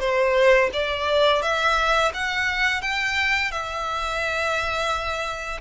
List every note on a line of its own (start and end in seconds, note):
0.00 0.70 C5
0.73 1.42 D5
1.42 2.12 E5
2.14 2.82 F#5
2.82 3.52 G5
3.52 5.61 E5